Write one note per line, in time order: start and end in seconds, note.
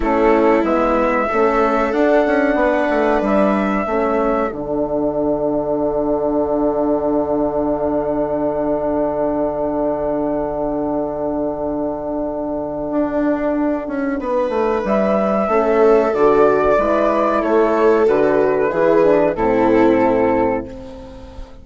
0.00 0.63 A3
0.00 0.64 C#4
0.00 1.28 E4
0.00 0.64 A4
0.63 1.27 G#3
0.63 1.28 B3
0.63 1.92 E5
1.28 1.92 A3
1.28 1.95 C#4
1.28 2.57 A4
1.92 2.25 D4
1.92 3.87 D4
1.92 3.21 F#5
2.26 2.54 C#4
2.54 2.87 B3
2.54 3.86 B4
2.90 3.21 A3
3.21 3.85 G3
3.21 4.52 E5
3.86 4.50 A3
3.86 4.52 C#4
3.86 14.19 A4
4.52 12.90 D3
4.52 15.48 D4
4.52 14.84 F#5
12.90 13.87 D4
13.87 14.19 C#4
14.19 14.49 B3
14.19 15.48 B4
14.49 14.81 A3
14.84 15.48 G3
14.84 16.14 E5
15.48 16.12 A3
15.48 16.13 C#4
15.48 16.77 A4
16.14 16.78 D3
16.14 16.77 F#4
16.14 17.42 D5
16.77 17.42 G#3
16.77 18.05 E4
16.77 17.39 B4
17.39 18.07 A3
17.39 18.68 A4
17.39 18.07 C#5
18.05 18.72 D3
18.05 18.70 F#4
18.05 19.35 B4
18.70 19.35 E3
18.70 19.03 E4
18.70 19.35 G#4
19.03 19.36 D4
19.35 20.64 A2
19.35 20.65 C4
19.35 20.65 E4
19.35 20.64 A4